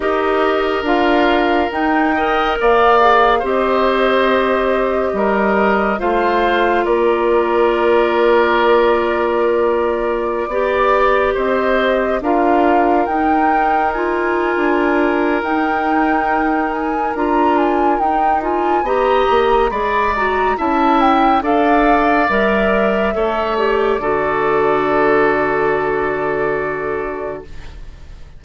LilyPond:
<<
  \new Staff \with { instrumentName = "flute" } { \time 4/4 \tempo 4 = 70 dis''4 f''4 g''4 f''4 | dis''2. f''4 | d''1~ | d''4~ d''16 dis''4 f''4 g''8.~ |
g''16 gis''4.~ gis''16 g''4. gis''8 | ais''8 gis''8 g''8 gis''8 ais''4 b''8 ais''8 | a''8 g''8 f''4 e''4. d''8~ | d''1 | }
  \new Staff \with { instrumentName = "oboe" } { \time 4/4 ais'2~ ais'8 dis''8 d''4 | c''2 ais'4 c''4 | ais'1~ | ais'16 d''4 c''4 ais'4.~ ais'16~ |
ais'1~ | ais'2 dis''4 d''4 | e''4 d''2 cis''4 | a'1 | }
  \new Staff \with { instrumentName = "clarinet" } { \time 4/4 g'4 f'4 dis'8 ais'4 gis'8 | g'2. f'4~ | f'1~ | f'16 g'2 f'4 dis'8.~ |
dis'16 f'4.~ f'16 dis'2 | f'4 dis'8 f'8 g'4 gis'8 fis'8 | e'4 a'4 ais'4 a'8 g'8 | fis'1 | }
  \new Staff \with { instrumentName = "bassoon" } { \time 4/4 dis'4 d'4 dis'4 ais4 | c'2 g4 a4 | ais1~ | ais16 b4 c'4 d'4 dis'8.~ |
dis'4 d'4 dis'2 | d'4 dis'4 b8 ais8 gis4 | cis'4 d'4 g4 a4 | d1 | }
>>